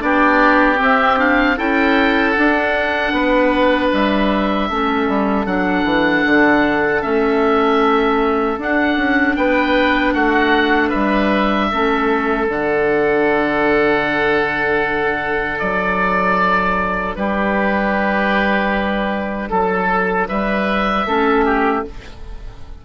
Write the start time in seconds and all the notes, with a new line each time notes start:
0.00 B3 D4 G4 D5
0.76 C4
0.83 E5
1.17 D4 F5
1.57 C#4 E4 A4 G5
2.31 D4 F#5
2.37 D4
3.12 B3 B4
3.93 G3 E5
4.69 A3 C#4 A4
5.08 G3
5.45 F#3 D4 F#5
5.84 E3
6.26 D3
7.01 A3 C#4 E5
8.58 D4 F#5
8.96 C#4
9.36 B3 B4 G5
10.13 A3 F#4 F#5
10.88 G3 B4 E5
11.71 A3 C#4 A4
12.48 D3 D4 F#5
15.59 F#3 D5
17.15 G3 G4 B4
19.49 F#3 A4
20.28 G3 B4 E5
21.06 A3 C#4 A4
21.45 G4